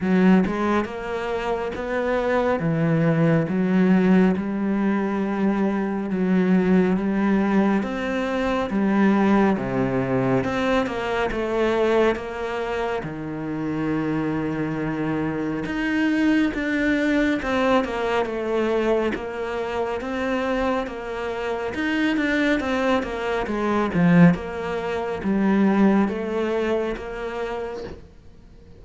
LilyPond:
\new Staff \with { instrumentName = "cello" } { \time 4/4 \tempo 4 = 69 fis8 gis8 ais4 b4 e4 | fis4 g2 fis4 | g4 c'4 g4 c4 | c'8 ais8 a4 ais4 dis4~ |
dis2 dis'4 d'4 | c'8 ais8 a4 ais4 c'4 | ais4 dis'8 d'8 c'8 ais8 gis8 f8 | ais4 g4 a4 ais4 | }